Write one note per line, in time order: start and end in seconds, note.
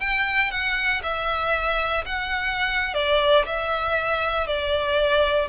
0.00 0.51 G5
0.51 1.02 F#5
1.03 2.05 E5
2.05 2.94 F#5
2.94 3.45 D5
3.46 4.47 E5
4.47 5.48 D5